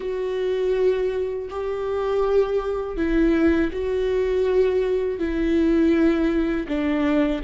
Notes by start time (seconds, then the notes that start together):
0.00 F#4
1.49 G4
2.96 E4
3.72 F#4
5.19 E4
6.67 D4